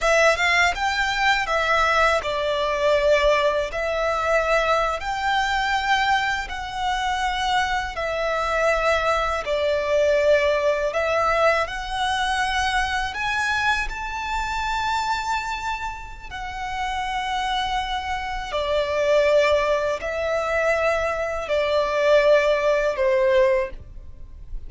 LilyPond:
\new Staff \with { instrumentName = "violin" } { \time 4/4 \tempo 4 = 81 e''8 f''8 g''4 e''4 d''4~ | d''4 e''4.~ e''16 g''4~ g''16~ | g''8. fis''2 e''4~ e''16~ | e''8. d''2 e''4 fis''16~ |
fis''4.~ fis''16 gis''4 a''4~ a''16~ | a''2 fis''2~ | fis''4 d''2 e''4~ | e''4 d''2 c''4 | }